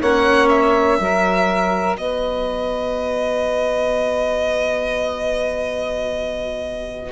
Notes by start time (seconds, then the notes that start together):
0.00 A#3 C#4 C#5 F#5
0.49 E5
0.98 F#3 F#4 A#4
1.97 B3 B4 D#5